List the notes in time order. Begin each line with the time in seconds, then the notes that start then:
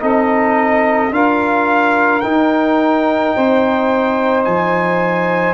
0.00 C4 D#4 A4 D#5
1.11 D4 F4 A#4 F5
2.20 D#4 G5
3.35 C4 C5
4.44 F3 G#5